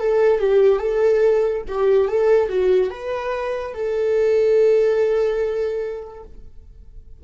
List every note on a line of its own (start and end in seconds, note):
0.00 0.39 A4
0.39 0.80 G4
0.80 1.63 A4
1.68 2.08 G4
2.08 2.49 A4
2.49 2.91 F#4
2.91 3.74 B4
3.74 6.24 A4